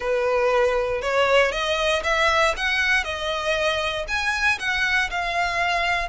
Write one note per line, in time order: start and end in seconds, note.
0.00 1.01 B4
1.01 1.51 C#5
1.51 2.02 D#5
2.03 2.54 E5
2.56 3.04 F#5
3.04 4.05 D#5
4.07 4.58 G#5
4.59 5.10 F#5
5.10 6.08 F5